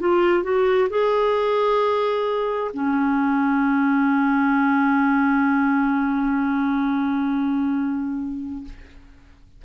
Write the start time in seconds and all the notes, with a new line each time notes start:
0.00 F4
0.43 F#4
0.90 G#4
2.74 C#4